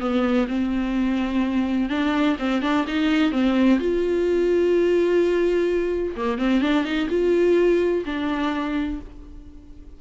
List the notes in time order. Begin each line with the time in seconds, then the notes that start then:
0.00 B3
0.48 C4
1.90 D4
2.39 C4
2.62 D4
2.88 D#4
3.32 C4
3.80 F4
6.17 A#3
6.39 C4
6.62 D4
6.85 D#4
7.10 F4
8.06 D4